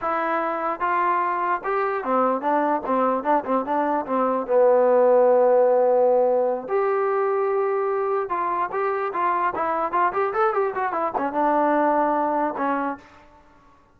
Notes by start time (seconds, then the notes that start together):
0.01 E4
0.80 F4
1.64 G4
2.04 C4
2.41 D4
2.86 C4
3.23 D4
3.44 C4
3.65 D4
4.06 C4
4.46 B3
6.67 G4
8.29 F4
8.71 G4
9.13 F4
9.55 E4
9.92 F4
10.12 G4
10.33 A4
10.53 G4
10.74 F#4
10.92 E4
11.18 C#4
11.33 D4
12.57 C#4